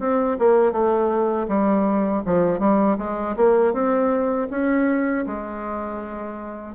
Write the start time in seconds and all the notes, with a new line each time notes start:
0.00 C4
0.39 A#3
0.72 A3
1.48 G3
2.26 F3
2.59 G3
2.98 G#3
3.36 A#3
3.73 C4
4.51 C#4
5.27 G#3